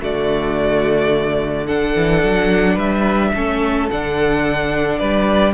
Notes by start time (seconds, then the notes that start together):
0.00 D3 A3 F#4 D5
1.66 D4 A4 F#5
1.96 E3
2.23 F#3
2.74 G3 B4 E5
3.34 A3 C#4 A4
3.90 D3 D4 F#5
4.98 G3 B4 D5